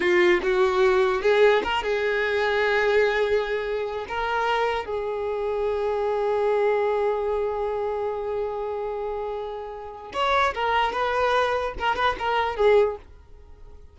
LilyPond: \new Staff \with { instrumentName = "violin" } { \time 4/4 \tempo 4 = 148 f'4 fis'2 gis'4 | ais'8 gis'2.~ gis'8~ | gis'2 ais'2 | gis'1~ |
gis'1~ | gis'1~ | gis'4 cis''4 ais'4 b'4~ | b'4 ais'8 b'8 ais'4 gis'4 | }